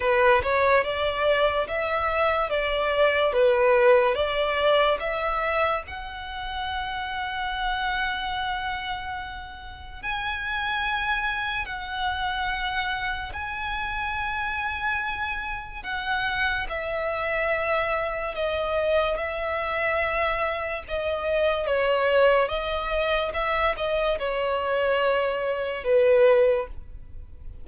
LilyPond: \new Staff \with { instrumentName = "violin" } { \time 4/4 \tempo 4 = 72 b'8 cis''8 d''4 e''4 d''4 | b'4 d''4 e''4 fis''4~ | fis''1 | gis''2 fis''2 |
gis''2. fis''4 | e''2 dis''4 e''4~ | e''4 dis''4 cis''4 dis''4 | e''8 dis''8 cis''2 b'4 | }